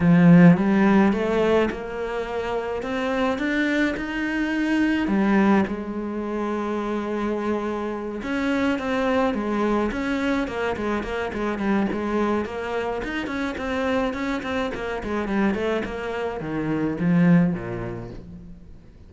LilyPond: \new Staff \with { instrumentName = "cello" } { \time 4/4 \tempo 4 = 106 f4 g4 a4 ais4~ | ais4 c'4 d'4 dis'4~ | dis'4 g4 gis2~ | gis2~ gis8 cis'4 c'8~ |
c'8 gis4 cis'4 ais8 gis8 ais8 | gis8 g8 gis4 ais4 dis'8 cis'8 | c'4 cis'8 c'8 ais8 gis8 g8 a8 | ais4 dis4 f4 ais,4 | }